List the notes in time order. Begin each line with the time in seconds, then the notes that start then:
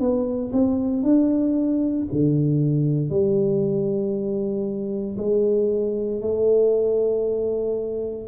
0.00 B3
0.53 C4
1.03 D4
2.13 D3
3.10 G3
5.18 G#3
6.22 A3